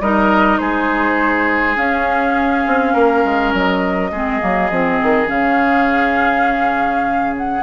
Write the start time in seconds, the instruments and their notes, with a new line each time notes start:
0.00 bassoon G3, clarinet D#4, oboe A#4, flute D#5
0.58 bassoon G#3, oboe G#4, flute C5
1.76 clarinet C#4, bassoon C#4, flute F5
2.66 bassoon C4
2.93 bassoon A#3, oboe A#4
3.25 bassoon G#3
3.53 bassoon F#3, flute D#5
4.11 bassoon G#3, clarinet C4, oboe G#4
4.41 bassoon F#3, clarinet A#3
4.70 bassoon F3, clarinet C4
5.03 bassoon D#3
5.26 bassoon C#3, clarinet C#4, flute F5
7.37 flute F#5